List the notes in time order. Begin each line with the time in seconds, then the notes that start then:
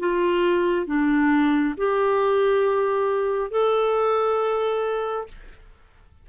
0.00 F4
0.87 D4
1.77 G4
3.51 A4